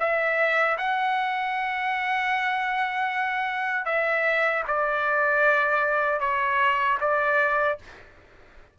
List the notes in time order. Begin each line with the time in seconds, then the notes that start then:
0.00 E5
0.78 F#5
3.86 E5
4.68 D5
6.20 C#5
7.01 D5